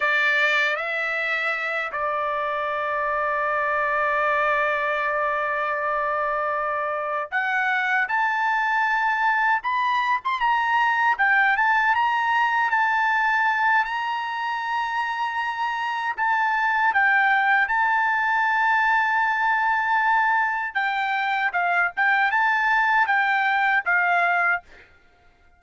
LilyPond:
\new Staff \with { instrumentName = "trumpet" } { \time 4/4 \tempo 4 = 78 d''4 e''4. d''4.~ | d''1~ | d''4. fis''4 a''4.~ | a''8 b''8. c'''16 ais''4 g''8 a''8 ais''8~ |
ais''8 a''4. ais''2~ | ais''4 a''4 g''4 a''4~ | a''2. g''4 | f''8 g''8 a''4 g''4 f''4 | }